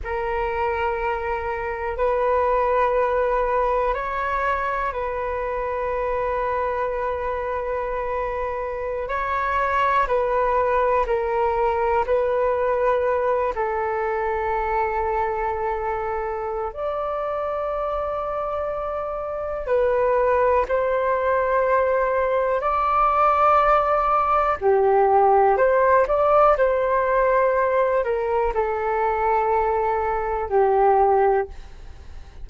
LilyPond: \new Staff \with { instrumentName = "flute" } { \time 4/4 \tempo 4 = 61 ais'2 b'2 | cis''4 b'2.~ | b'4~ b'16 cis''4 b'4 ais'8.~ | ais'16 b'4. a'2~ a'16~ |
a'4 d''2. | b'4 c''2 d''4~ | d''4 g'4 c''8 d''8 c''4~ | c''8 ais'8 a'2 g'4 | }